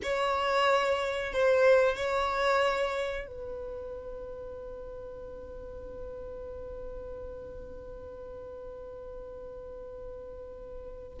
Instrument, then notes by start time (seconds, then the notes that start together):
violin
0.02 C#5
1.32 C5
1.96 C#5
3.27 B4